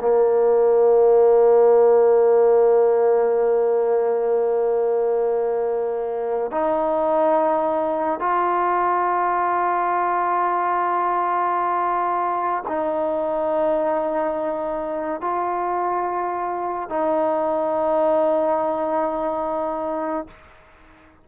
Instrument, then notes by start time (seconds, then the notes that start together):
trombone
0.00 A#3
6.51 D#4
8.19 F4
12.67 D#4
15.20 F4
16.89 D#4